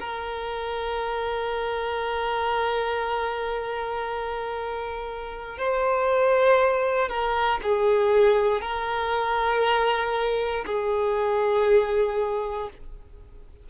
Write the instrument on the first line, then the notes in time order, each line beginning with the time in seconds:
violin
0.00 A#4
5.58 C5
7.09 A#4
7.63 G#4
8.62 A#4
10.66 G#4